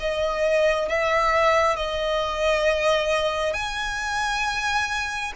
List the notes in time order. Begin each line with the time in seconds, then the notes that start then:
0.00 D#5
0.89 E5
1.76 D#5
3.53 G#5